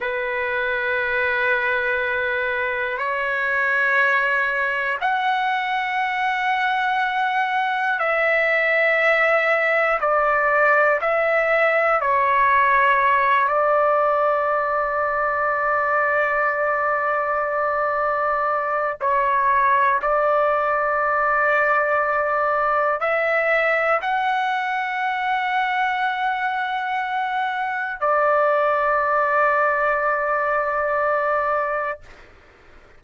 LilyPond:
\new Staff \with { instrumentName = "trumpet" } { \time 4/4 \tempo 4 = 60 b'2. cis''4~ | cis''4 fis''2. | e''2 d''4 e''4 | cis''4. d''2~ d''8~ |
d''2. cis''4 | d''2. e''4 | fis''1 | d''1 | }